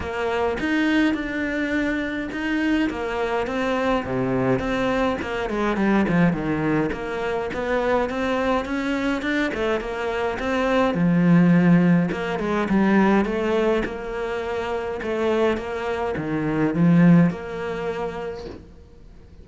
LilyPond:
\new Staff \with { instrumentName = "cello" } { \time 4/4 \tempo 4 = 104 ais4 dis'4 d'2 | dis'4 ais4 c'4 c4 | c'4 ais8 gis8 g8 f8 dis4 | ais4 b4 c'4 cis'4 |
d'8 a8 ais4 c'4 f4~ | f4 ais8 gis8 g4 a4 | ais2 a4 ais4 | dis4 f4 ais2 | }